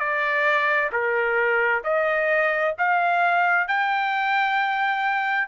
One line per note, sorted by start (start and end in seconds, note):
0.00 0.91 D5
0.93 1.84 A#4
1.84 2.75 D#5
2.79 3.68 F5
3.68 5.48 G5